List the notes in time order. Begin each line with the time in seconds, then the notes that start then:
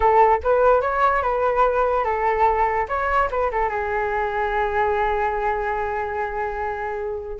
0.00 A4
0.43 B4
0.81 C#5
1.22 B4
2.04 A4
2.88 C#5
3.30 B4
3.51 A4
3.69 G#4